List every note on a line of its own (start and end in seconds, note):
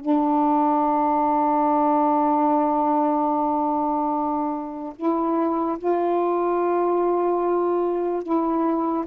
0.00 4.93 D4
4.96 5.78 E4
5.78 8.23 F4
8.23 9.05 E4